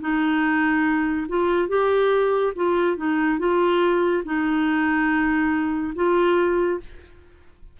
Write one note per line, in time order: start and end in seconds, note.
0.00 1.27 D#4
1.28 1.68 F4
1.68 2.53 G4
2.55 2.97 F4
2.97 3.38 D#4
3.38 4.23 F4
4.24 5.93 D#4
5.95 6.80 F4